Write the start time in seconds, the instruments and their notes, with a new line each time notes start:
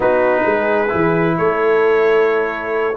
0.00 tuba B3, trombone D#4, horn F#4, trumpet B4
0.43 tuba G#3, horn G#4
0.87 tuba E3, trombone E4
1.37 tuba A3, horn A4, trumpet C#5